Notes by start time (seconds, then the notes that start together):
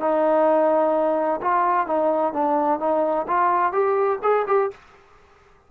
0.00 D#4
1.42 F4
1.87 D#4
2.33 D4
2.80 D#4
3.28 F4
3.72 G4
4.23 G#4
4.47 G4